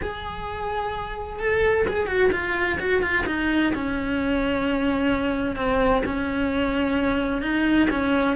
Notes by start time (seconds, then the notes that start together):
0.01 G#4
1.39 A4
1.88 G#4
2.07 F#4
2.32 F4
2.79 F#4
3.01 F4
3.26 D#4
3.74 C#4
5.55 C4
6.05 C#4
7.42 D#4
7.89 C#4